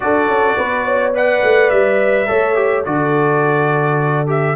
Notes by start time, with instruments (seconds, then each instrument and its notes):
0.00 tuba D4, trombone F#4, horn A4, trumpet D5
0.27 tuba C#4
0.56 tuba B3, horn B4
0.85 horn C#5
1.14 trombone B4, horn D5, trumpet F#5
1.43 tuba A3
1.69 tuba G3, trumpet E5
2.26 tuba A3, trombone A4, horn C#5
2.55 trombone G4
2.84 tuba D3, trombone F#4, horn A4, trumpet D5
4.26 trombone G4, trumpet E5